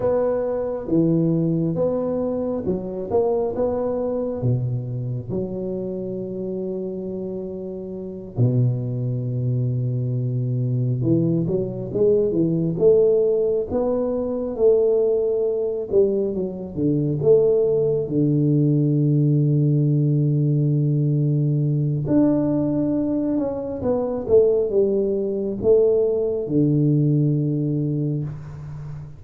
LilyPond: \new Staff \with { instrumentName = "tuba" } { \time 4/4 \tempo 4 = 68 b4 e4 b4 fis8 ais8 | b4 b,4 fis2~ | fis4. b,2~ b,8~ | b,8 e8 fis8 gis8 e8 a4 b8~ |
b8 a4. g8 fis8 d8 a8~ | a8 d2.~ d8~ | d4 d'4. cis'8 b8 a8 | g4 a4 d2 | }